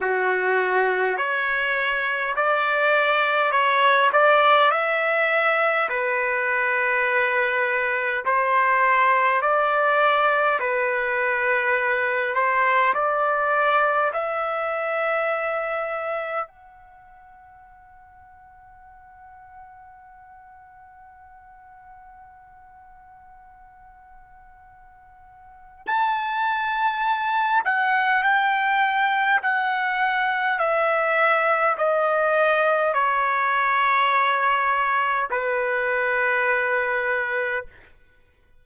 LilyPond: \new Staff \with { instrumentName = "trumpet" } { \time 4/4 \tempo 4 = 51 fis'4 cis''4 d''4 cis''8 d''8 | e''4 b'2 c''4 | d''4 b'4. c''8 d''4 | e''2 fis''2~ |
fis''1~ | fis''2 a''4. fis''8 | g''4 fis''4 e''4 dis''4 | cis''2 b'2 | }